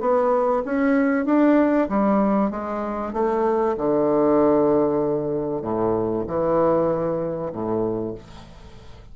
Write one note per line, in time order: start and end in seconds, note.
0.00 0.62 B3
0.65 1.25 C#4
1.25 1.88 D4
1.89 2.50 G3
2.50 3.13 G#3
3.13 3.75 A3
3.77 5.62 D3
5.62 6.24 A2
6.26 7.51 E3
7.52 8.14 A2